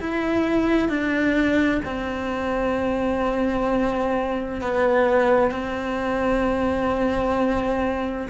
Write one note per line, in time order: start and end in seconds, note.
0.00 0.89 E4
0.89 1.81 D4
1.84 4.61 C4
4.61 5.51 B3
5.51 8.28 C4